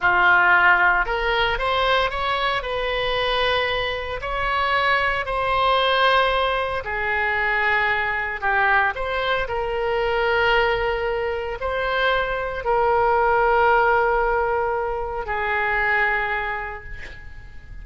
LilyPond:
\new Staff \with { instrumentName = "oboe" } { \time 4/4 \tempo 4 = 114 f'2 ais'4 c''4 | cis''4 b'2. | cis''2 c''2~ | c''4 gis'2. |
g'4 c''4 ais'2~ | ais'2 c''2 | ais'1~ | ais'4 gis'2. | }